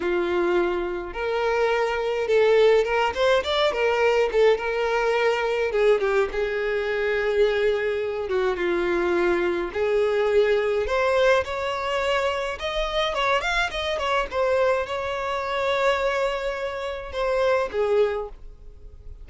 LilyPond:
\new Staff \with { instrumentName = "violin" } { \time 4/4 \tempo 4 = 105 f'2 ais'2 | a'4 ais'8 c''8 d''8 ais'4 a'8 | ais'2 gis'8 g'8 gis'4~ | gis'2~ gis'8 fis'8 f'4~ |
f'4 gis'2 c''4 | cis''2 dis''4 cis''8 f''8 | dis''8 cis''8 c''4 cis''2~ | cis''2 c''4 gis'4 | }